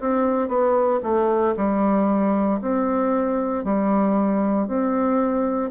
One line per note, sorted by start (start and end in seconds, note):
0.00 0.48 C4
0.48 1.00 B3
1.03 1.54 A3
1.57 2.60 G3
2.61 3.64 C4
3.64 4.67 G3
4.67 5.70 C4